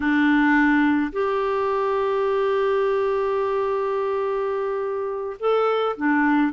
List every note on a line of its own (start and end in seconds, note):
0.00 1.11 D4
1.12 5.36 G4
5.39 5.96 A4
5.96 6.52 D4